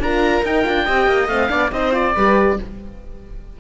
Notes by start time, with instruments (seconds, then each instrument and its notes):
0.00 cello D4, horn F4, viola A#4, oboe A#5
0.43 cello D#4, horn D#4, oboe G5
0.65 cello D4, horn F4
0.86 cello C4, horn G4, viola D#5
1.08 cello A#3
1.28 cello A3, horn C4, oboe F5
1.49 cello B3, horn D4, viola D5
1.72 cello C4, horn D#4, viola C5, oboe D#5
1.92 horn F4, oboe D5
2.15 cello G3, horn G4, viola B4